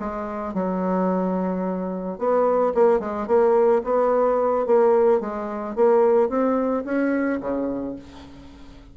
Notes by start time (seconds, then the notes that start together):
0.00 G#3
0.54 F#3
2.18 B3
2.75 A#3
3.00 G#3
3.27 A#3
3.84 B3
4.67 A#3
5.21 G#3
5.76 A#3
6.29 C4
6.85 C#4
7.41 C#3